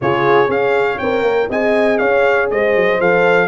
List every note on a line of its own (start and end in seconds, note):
0.01 0.48 C#3
0.01 0.46 F4
0.01 0.48 G#4
0.01 0.50 C#5
0.46 0.98 C#4
0.46 0.96 G#4
0.46 1.48 C#5
0.46 0.98 F5
0.98 1.21 C4
0.98 1.49 A#4
0.98 1.48 G5
1.21 1.46 A#3
1.49 2.00 C4
1.49 2.99 G#4
1.49 1.99 D#5
1.49 1.97 G#5
1.97 2.50 C#4
1.97 2.49 C#5
1.97 2.48 F5
2.50 2.75 G#3
2.50 3.47 C5
2.50 3.00 D#5
2.75 3.00 F#3
3.00 3.47 F3
3.00 3.47 A4
3.00 3.47 F5